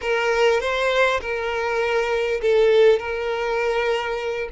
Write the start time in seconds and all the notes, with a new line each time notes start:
0.01 A#4
0.60 C5
1.20 A#4
2.41 A4
2.99 A#4